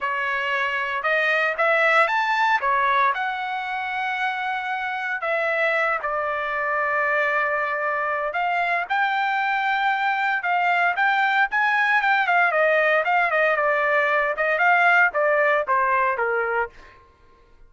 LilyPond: \new Staff \with { instrumentName = "trumpet" } { \time 4/4 \tempo 4 = 115 cis''2 dis''4 e''4 | a''4 cis''4 fis''2~ | fis''2 e''4. d''8~ | d''1 |
f''4 g''2. | f''4 g''4 gis''4 g''8 f''8 | dis''4 f''8 dis''8 d''4. dis''8 | f''4 d''4 c''4 ais'4 | }